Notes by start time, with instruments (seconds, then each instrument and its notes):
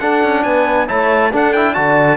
0.00 trombone D4, cello D4, horn A4, trumpet F#5
0.24 cello C#4
0.44 cello B3, horn B4, trumpet G#5
0.87 cello A3, trombone E4, horn C#5, trumpet A5
1.32 trombone D4, cello D4, horn A4, trumpet F#5
1.53 trombone E4, trumpet G5
1.74 cello D3, trombone F#4, horn D5, trumpet A5